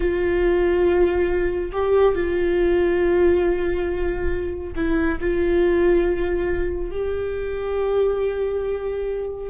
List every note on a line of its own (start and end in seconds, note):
0.00 1.71 F4
1.72 2.14 G4
2.14 4.73 F4
4.75 5.18 E4
5.20 6.90 F4
6.90 9.49 G4